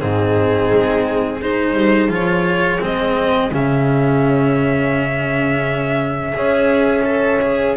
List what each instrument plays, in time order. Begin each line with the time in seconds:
0.00 double bass G#2, cello C4, horn D#4, violin G#4
0.72 double bass G#3
1.41 cello D#4, horn G#4, violin C5
1.74 double bass G3
2.09 double bass F3, cello F4, violin C#5
2.80 double bass G#3, cello C4, violin D#5
3.52 double bass C#3, cello C#4, violin E5
6.33 double bass C#4, cello G#4, horn C#5
7.04 cello A4
7.41 cello G#4